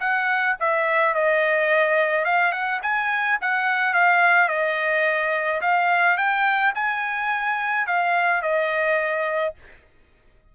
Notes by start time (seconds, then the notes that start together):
0.00 F#5
0.60 E5
1.14 D#5
2.25 F5
2.52 F#5
2.82 G#5
3.41 F#5
3.93 F5
4.48 D#5
5.61 F5
6.17 G5
6.74 G#5
7.87 F5
8.42 D#5